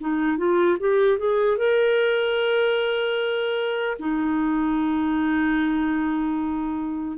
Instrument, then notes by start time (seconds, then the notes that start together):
clarinet
0.00 D#4
0.37 F4
0.80 G4
1.18 G#4
1.57 A#4
3.99 D#4